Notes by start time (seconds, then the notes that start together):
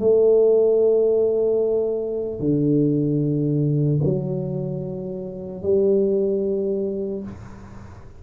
0.00 A3
2.40 D3
4.04 F#3
5.63 G3